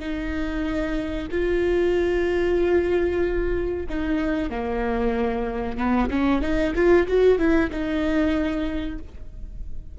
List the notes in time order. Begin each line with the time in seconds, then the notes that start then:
0.00 D#4
1.32 F4
3.90 D#4
4.51 A#3
5.78 B3
6.10 C#4
6.42 D#4
6.75 F4
7.08 F#4
7.39 E4
7.71 D#4